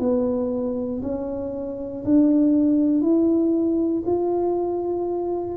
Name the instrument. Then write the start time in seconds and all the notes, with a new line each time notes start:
tuba
0.00 B3
1.03 C#4
2.05 D4
3.02 E4
4.06 F4